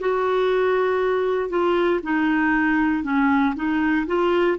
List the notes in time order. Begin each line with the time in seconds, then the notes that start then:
0.00 F#4
1.50 F4
2.03 D#4
3.04 C#4
3.56 D#4
4.07 F4